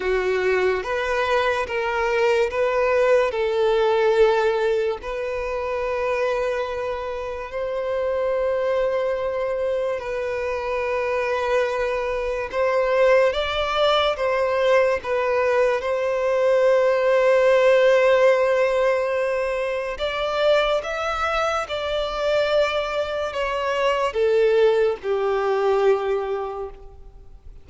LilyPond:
\new Staff \with { instrumentName = "violin" } { \time 4/4 \tempo 4 = 72 fis'4 b'4 ais'4 b'4 | a'2 b'2~ | b'4 c''2. | b'2. c''4 |
d''4 c''4 b'4 c''4~ | c''1 | d''4 e''4 d''2 | cis''4 a'4 g'2 | }